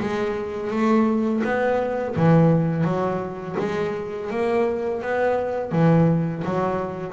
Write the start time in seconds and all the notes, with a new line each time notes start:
0.00 G#3
0.70 A3
1.44 B3
2.16 E3
2.84 F#3
3.58 G#3
4.30 A#3
5.01 B3
5.71 E3
6.44 F#3